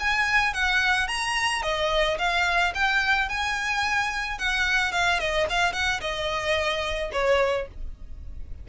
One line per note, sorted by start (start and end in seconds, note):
0.00 0.54 G#5
0.54 1.08 F#5
1.08 1.63 A#5
1.63 2.18 D#5
2.19 2.74 F5
2.75 3.29 G5
3.29 4.39 G#5
4.39 4.92 F#5
4.92 5.20 F5
5.20 5.47 D#5
5.50 5.73 F5
5.73 6.01 F#5
6.02 7.12 D#5
7.13 7.68 C#5